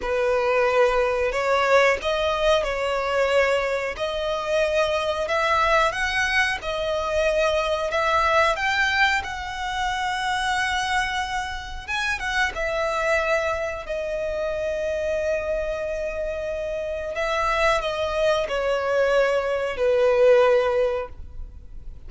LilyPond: \new Staff \with { instrumentName = "violin" } { \time 4/4 \tempo 4 = 91 b'2 cis''4 dis''4 | cis''2 dis''2 | e''4 fis''4 dis''2 | e''4 g''4 fis''2~ |
fis''2 gis''8 fis''8 e''4~ | e''4 dis''2.~ | dis''2 e''4 dis''4 | cis''2 b'2 | }